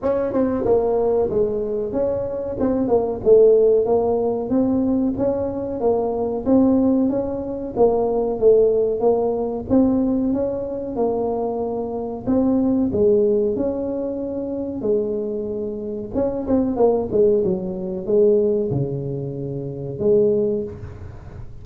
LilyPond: \new Staff \with { instrumentName = "tuba" } { \time 4/4 \tempo 4 = 93 cis'8 c'8 ais4 gis4 cis'4 | c'8 ais8 a4 ais4 c'4 | cis'4 ais4 c'4 cis'4 | ais4 a4 ais4 c'4 |
cis'4 ais2 c'4 | gis4 cis'2 gis4~ | gis4 cis'8 c'8 ais8 gis8 fis4 | gis4 cis2 gis4 | }